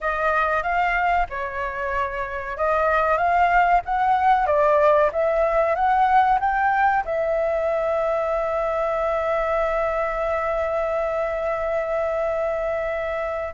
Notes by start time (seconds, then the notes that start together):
0.01 D#5
0.62 F5
1.29 C#5
2.57 D#5
3.17 F5
3.85 F#5
4.46 D5
5.12 E5
5.75 F#5
6.40 G5
7.04 E5